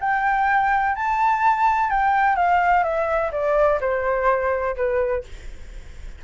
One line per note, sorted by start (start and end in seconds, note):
0.00 0.95 G5
0.95 1.90 A5
1.90 2.35 G5
2.35 2.83 F5
2.83 3.31 E5
3.32 3.79 D5
3.80 4.75 C5
4.76 5.24 B4